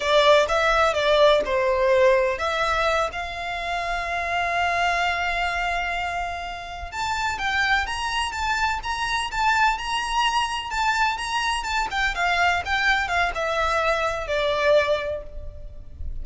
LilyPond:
\new Staff \with { instrumentName = "violin" } { \time 4/4 \tempo 4 = 126 d''4 e''4 d''4 c''4~ | c''4 e''4. f''4.~ | f''1~ | f''2~ f''8 a''4 g''8~ |
g''8 ais''4 a''4 ais''4 a''8~ | a''8 ais''2 a''4 ais''8~ | ais''8 a''8 g''8 f''4 g''4 f''8 | e''2 d''2 | }